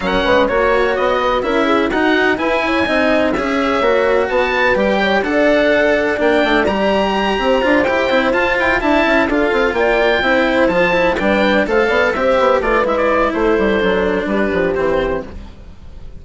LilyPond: <<
  \new Staff \with { instrumentName = "oboe" } { \time 4/4 \tempo 4 = 126 fis''4 cis''4 dis''4 e''4 | fis''4 gis''2 e''4~ | e''4 a''4 g''4 fis''4~ | fis''4 g''4 ais''2~ |
ais''8 g''4 a''8 g''8 a''4 f''8~ | f''8 g''2 a''4 g''8~ | g''8 f''4 e''4 d''8 e''16 d''8. | c''2 b'4 c''4 | }
  \new Staff \with { instrumentName = "horn" } { \time 4/4 ais'8 b'8 cis''4. b'8 ais'8 gis'8 | fis'4 b'8 cis''8 dis''4 cis''4~ | cis''4 b'4. cis''8 d''4~ | d''2.~ d''8 c''8~ |
c''2~ c''8 e''4 a'8~ | a'8 d''4 c''2 b'8~ | b'8 c''8 d''8 c''4 b'4. | a'2 g'2 | }
  \new Staff \with { instrumentName = "cello" } { \time 4/4 cis'4 fis'2 e'4 | dis'4 e'4 dis'4 gis'4 | fis'2 g'4 a'4~ | a'4 d'4 g'2 |
f'8 g'8 e'8 f'4 e'4 f'8~ | f'4. e'4 f'8 e'8 d'8~ | d'8 a'4 g'4 f'8 e'4~ | e'4 d'2 c'4 | }
  \new Staff \with { instrumentName = "bassoon" } { \time 4/4 fis8 gis8 ais4 b4 cis'4 | dis'4 e'4 c'4 cis'4 | ais4 b4 g4 d'4~ | d'4 ais8 a8 g4. c'8 |
d'8 e'8 c'8 f'8 e'8 d'8 cis'8 d'8 | c'8 ais4 c'4 f4 g8~ | g8 a8 b8 c'8 b8 a8 gis4 | a8 g8 fis4 g8 f8 e4 | }
>>